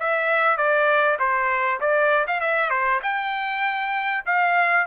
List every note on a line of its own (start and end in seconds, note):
0.00 0.57 E5
0.57 1.18 D5
1.20 1.80 C5
1.81 2.26 D5
2.27 2.40 F5
2.40 2.70 E5
2.70 3.00 C5
3.03 4.24 G5
4.26 4.87 F5